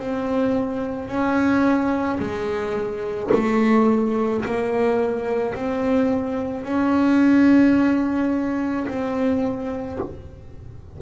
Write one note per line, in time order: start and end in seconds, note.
0.00 1.09 C4
1.09 2.20 C#4
2.20 3.31 G#3
3.34 4.45 A3
4.45 5.55 A#3
5.55 6.65 C4
6.65 8.87 C#4
8.88 9.99 C4